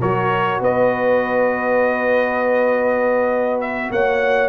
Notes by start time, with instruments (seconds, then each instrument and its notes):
0.00 tuba F#3, trombone F#4, horn A#4, trumpet C#5
0.60 tuba B3, horn B4, trumpet D#5
3.61 trumpet E5
3.91 tuba A#3, horn C#5, trumpet F#5